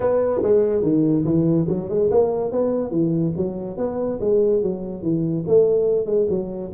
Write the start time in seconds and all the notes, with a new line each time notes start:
0.00 B3
0.42 G#3
0.82 D#3
1.24 E3
1.68 F#3
1.89 G#3
2.11 A#3
2.51 B3
2.90 E3
3.36 F#3
3.77 B3
4.20 G#3
4.62 F#3
5.02 E3
5.47 A3
6.06 G#3
6.29 F#3